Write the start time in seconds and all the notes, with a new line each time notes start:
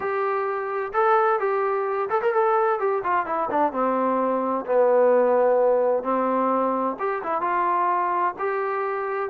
0.00 G4
0.93 A4
1.39 G4
2.09 A4
2.21 A#4
2.33 A4
2.79 G4
3.03 F4
3.26 E4
3.50 D4
3.72 C4
4.65 B3
6.03 C4
6.99 G4
7.23 E4
7.41 F4
8.38 G4